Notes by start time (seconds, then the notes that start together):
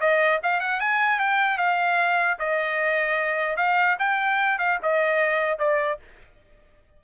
0.00 D#5
0.43 F5
0.60 F#5
0.80 G#5
1.19 G5
1.58 F5
2.39 D#5
3.57 F5
3.99 G5
4.58 F5
4.82 D#5
5.59 D5